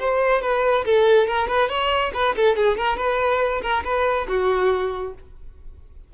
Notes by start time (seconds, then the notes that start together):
0.00 C5
0.42 B4
0.86 A4
1.28 A#4
1.48 B4
1.69 C#5
2.14 B4
2.36 A4
2.57 G#4
2.78 A#4
2.97 B4
3.62 A#4
3.85 B4
4.29 F#4